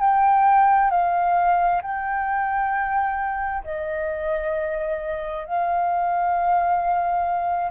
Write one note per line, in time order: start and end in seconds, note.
0.00 0.90 G5
0.90 1.81 F5
1.82 3.64 G5
3.64 5.45 D#5
5.45 7.71 F5